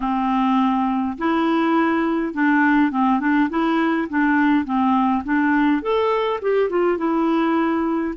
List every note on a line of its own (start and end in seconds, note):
0.00 1.17 C4
1.18 2.33 E4
2.33 2.91 D4
2.91 3.20 C4
3.20 3.49 D4
3.49 4.08 E4
4.09 4.64 D4
4.64 5.23 C4
5.23 5.81 D4
5.81 6.40 A4
6.41 6.69 G4
6.69 6.97 F4
6.97 8.14 E4